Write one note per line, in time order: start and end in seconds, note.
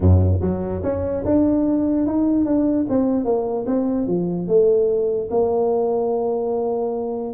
0.00 0.40 F#2
0.41 0.82 F#3
0.83 1.24 C#4
1.25 2.06 D4
2.06 2.45 D#4
2.45 2.86 D4
2.89 3.24 C4
3.24 3.65 A#3
3.66 4.07 C4
4.07 4.47 F3
4.47 5.29 A3
5.30 7.33 A#3